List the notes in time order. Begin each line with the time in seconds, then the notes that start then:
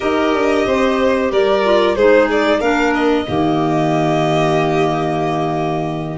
0.00 D#4 G4 A#4 D#5
0.33 D4
0.66 C4 C5
1.31 G3 A#4 D5
1.63 F4
1.95 G#3 D#4 G#4 C5
2.30 D5
2.59 A#3 D4 A#4 F5
2.93 D#5
3.26 D#3 A#3 G4